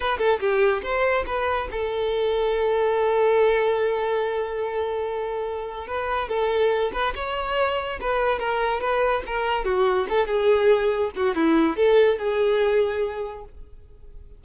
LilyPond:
\new Staff \with { instrumentName = "violin" } { \time 4/4 \tempo 4 = 143 b'8 a'8 g'4 c''4 b'4 | a'1~ | a'1~ | a'2 b'4 a'4~ |
a'8 b'8 cis''2 b'4 | ais'4 b'4 ais'4 fis'4 | a'8 gis'2 fis'8 e'4 | a'4 gis'2. | }